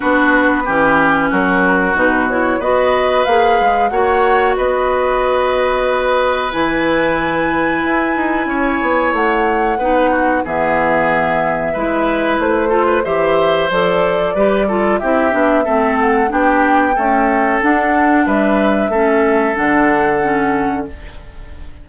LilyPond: <<
  \new Staff \with { instrumentName = "flute" } { \time 4/4 \tempo 4 = 92 b'2 ais'4 b'8 cis''8 | dis''4 f''4 fis''4 dis''4~ | dis''2 gis''2~ | gis''2 fis''2 |
e''2. c''4 | e''4 d''2 e''4~ | e''8 fis''8 g''2 fis''4 | e''2 fis''2 | }
  \new Staff \with { instrumentName = "oboe" } { \time 4/4 fis'4 g'4 fis'2 | b'2 cis''4 b'4~ | b'1~ | b'4 cis''2 b'8 fis'8 |
gis'2 b'4. a'16 b'16 | c''2 b'8 a'8 g'4 | a'4 g'4 a'2 | b'4 a'2. | }
  \new Staff \with { instrumentName = "clarinet" } { \time 4/4 d'4 cis'2 dis'8 e'8 | fis'4 gis'4 fis'2~ | fis'2 e'2~ | e'2. dis'4 |
b2 e'4. f'8 | g'4 a'4 g'8 f'8 e'8 d'8 | c'4 d'4 a4 d'4~ | d'4 cis'4 d'4 cis'4 | }
  \new Staff \with { instrumentName = "bassoon" } { \time 4/4 b4 e4 fis4 b,4 | b4 ais8 gis8 ais4 b4~ | b2 e2 | e'8 dis'8 cis'8 b8 a4 b4 |
e2 gis4 a4 | e4 f4 g4 c'8 b8 | a4 b4 cis'4 d'4 | g4 a4 d2 | }
>>